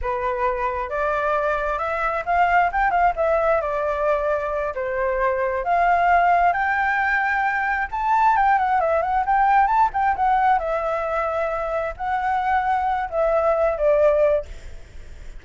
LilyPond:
\new Staff \with { instrumentName = "flute" } { \time 4/4 \tempo 4 = 133 b'2 d''2 | e''4 f''4 g''8 f''8 e''4 | d''2~ d''8 c''4.~ | c''8 f''2 g''4.~ |
g''4. a''4 g''8 fis''8 e''8 | fis''8 g''4 a''8 g''8 fis''4 e''8~ | e''2~ e''8 fis''4.~ | fis''4 e''4. d''4. | }